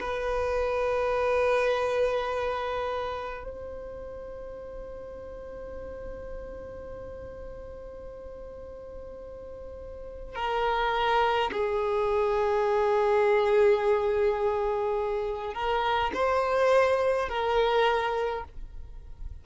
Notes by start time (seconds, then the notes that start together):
0.00 B4
3.44 C5
10.35 A#4
11.51 G#4
15.54 A#4
16.14 C5
17.29 A#4